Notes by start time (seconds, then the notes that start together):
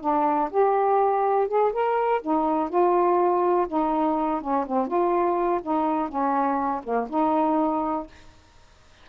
0.00 D4
0.50 G4
1.47 G#4
1.72 A#4
2.21 D#4
2.69 F4
3.67 D#4
4.40 C#4
4.66 C4
4.87 F4
5.62 D#4
6.08 C#4
6.83 A#3
7.09 D#4